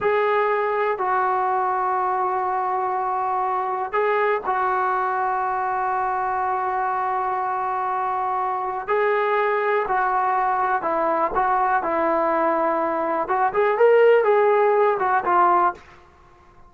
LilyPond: \new Staff \with { instrumentName = "trombone" } { \time 4/4 \tempo 4 = 122 gis'2 fis'2~ | fis'1 | gis'4 fis'2.~ | fis'1~ |
fis'2 gis'2 | fis'2 e'4 fis'4 | e'2. fis'8 gis'8 | ais'4 gis'4. fis'8 f'4 | }